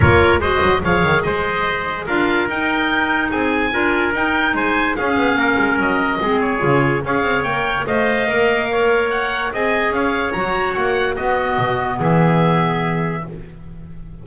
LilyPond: <<
  \new Staff \with { instrumentName = "oboe" } { \time 4/4 \tempo 4 = 145 cis''4 dis''4 f''4 dis''4~ | dis''4 f''4 g''2 | gis''2 g''4 gis''4 | f''2 dis''4. cis''8~ |
cis''4 f''4 g''4 f''4~ | f''2 fis''4 gis''4 | f''4 ais''4 fis''4 dis''4~ | dis''4 e''2. | }
  \new Staff \with { instrumentName = "trumpet" } { \time 4/4 ais'4 c''4 cis''4 c''4~ | c''4 ais'2. | gis'4 ais'2 c''4 | gis'4 ais'2 gis'4~ |
gis'4 cis''2 dis''4~ | dis''4 cis''2 dis''4 | cis''2. fis'4~ | fis'4 gis'2. | }
  \new Staff \with { instrumentName = "clarinet" } { \time 4/4 f'4 fis'4 gis'2~ | gis'4 f'4 dis'2~ | dis'4 f'4 dis'2 | cis'2. c'4 |
f'4 gis'4 ais'4 c''4 | ais'2. gis'4~ | gis'4 fis'2 b4~ | b1 | }
  \new Staff \with { instrumentName = "double bass" } { \time 4/4 ais4 gis8 fis8 f8 dis8 gis4~ | gis4 d'4 dis'2 | c'4 d'4 dis'4 gis4 | cis'8 b8 ais8 gis8 fis4 gis4 |
cis4 cis'8 c'8 ais4 a4 | ais2. c'4 | cis'4 fis4 ais4 b4 | b,4 e2. | }
>>